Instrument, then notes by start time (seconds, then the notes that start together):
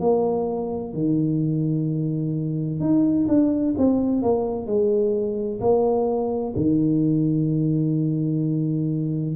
tuba
0.00 A#3
0.93 D#3
2.80 D#4
3.28 D4
3.78 C4
4.22 A#3
4.66 G#3
5.60 A#3
6.56 D#3